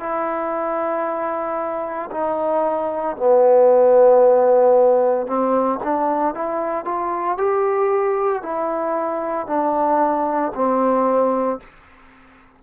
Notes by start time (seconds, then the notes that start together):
0.00 E4
2.12 D#4
3.17 B3
5.27 C4
5.84 D4
6.35 E4
6.86 F4
7.38 G4
8.43 E4
9.47 D4
10.55 C4